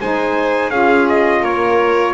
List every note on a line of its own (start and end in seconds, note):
0.00 0.69 G#3
0.00 0.72 D#4
0.00 0.71 C5
0.00 0.70 G#5
0.69 1.41 C#4
0.69 2.14 F4
0.69 1.42 G#4
0.69 1.06 F5
1.08 1.44 D#5
1.42 2.14 A#3
1.42 2.14 A#4
1.42 2.14 C#5